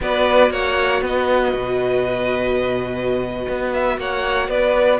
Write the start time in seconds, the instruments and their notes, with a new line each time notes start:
0.00 cello B3, viola F#4, violin B4 D5
0.50 cello A#3, violin C#5 F#5
1.01 cello B3, violin B4 D#5
1.54 cello B2
3.48 cello B3
3.73 violin E5
3.97 cello A#3, violin C#5 F#5
4.48 cello B3, violin B4 D5